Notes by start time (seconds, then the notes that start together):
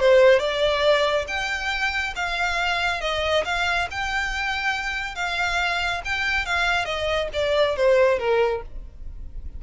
0.00 C5
0.40 D5
1.28 G5
2.16 F5
3.01 D#5
3.45 F5
3.91 G5
5.16 F5
6.05 G5
6.46 F5
6.86 D#5
7.34 D5
7.77 C5
8.19 A#4